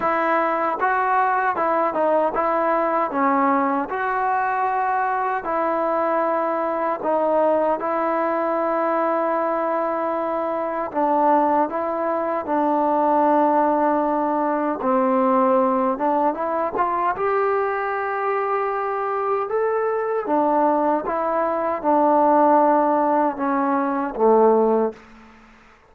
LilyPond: \new Staff \with { instrumentName = "trombone" } { \time 4/4 \tempo 4 = 77 e'4 fis'4 e'8 dis'8 e'4 | cis'4 fis'2 e'4~ | e'4 dis'4 e'2~ | e'2 d'4 e'4 |
d'2. c'4~ | c'8 d'8 e'8 f'8 g'2~ | g'4 a'4 d'4 e'4 | d'2 cis'4 a4 | }